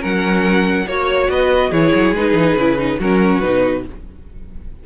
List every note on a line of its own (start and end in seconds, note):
0.00 0.86 F#3
0.00 0.85 C#4
0.00 0.86 A#4
0.00 0.88 F#5
0.86 1.29 A#3
0.86 1.73 F#4
0.86 1.30 C#5
1.29 1.72 B3
1.29 1.70 B4
1.29 1.72 D#5
1.70 1.93 E3
1.70 2.16 E4
1.70 2.98 G#4
1.70 2.15 C#5
1.95 2.12 F#3
2.12 2.33 G#3
2.12 2.59 D#4
2.12 3.00 B4
2.33 2.55 E3
2.56 2.98 C#3
2.56 2.78 E4
2.78 2.99 D#4
2.99 3.42 F#3
2.99 3.42 C#4
2.99 3.84 F#4
2.99 3.41 A#4
3.41 3.86 B2
3.41 3.85 D#4
3.41 3.83 B4